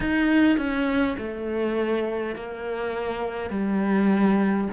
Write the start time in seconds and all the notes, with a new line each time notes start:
0.00 D#4
0.57 C#4
1.18 A3
2.35 A#3
3.50 G3